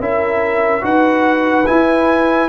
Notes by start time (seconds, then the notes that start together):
0.00 C#4 E4 A#4 E5
0.81 D#4 F#4 B4 F#5
1.66 E4 G#5